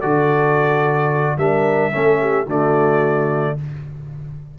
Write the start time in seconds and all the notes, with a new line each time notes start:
0.00 D3 F#4 A4 D5
1.38 G3 D4 A#4 E5
1.92 A3 C#4 A4
2.20 G4
2.46 D3 A3 F#4 D5